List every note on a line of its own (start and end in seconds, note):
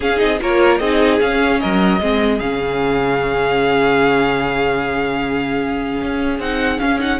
0.00 0.21 C#4
0.00 0.16 C#4
0.00 0.39 G#4
0.00 0.18 F5
0.16 0.40 C4
0.16 0.36 D#4
0.16 0.38 D#5
0.40 0.80 A#3
0.40 0.81 F4
0.40 0.80 A#4
0.40 0.78 C#5
0.78 1.20 C4
0.78 1.20 D#4
0.78 1.60 G#4
0.78 1.18 D#5
1.20 2.00 C#4
1.20 1.62 C#4
1.20 1.60 F5
1.60 2.00 F#3
1.60 2.01 A#4
1.60 2.39 D#5
2.00 2.40 G#3
2.00 2.40 C4
2.00 7.20 G#4
2.39 6.01 C#3
2.39 6.41 C#4
2.39 6.39 F5
6.01 6.39 C#4
6.39 6.79 C4
6.39 6.78 D#4
6.39 6.79 F#5
6.78 6.98 C#4
6.78 7.20 C#4
6.78 6.99 F5
6.99 7.19 D#4
6.99 7.20 F#5